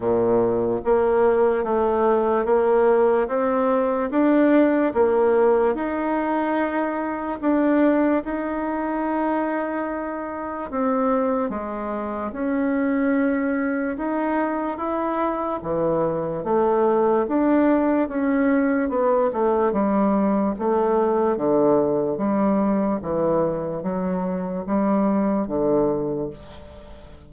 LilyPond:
\new Staff \with { instrumentName = "bassoon" } { \time 4/4 \tempo 4 = 73 ais,4 ais4 a4 ais4 | c'4 d'4 ais4 dis'4~ | dis'4 d'4 dis'2~ | dis'4 c'4 gis4 cis'4~ |
cis'4 dis'4 e'4 e4 | a4 d'4 cis'4 b8 a8 | g4 a4 d4 g4 | e4 fis4 g4 d4 | }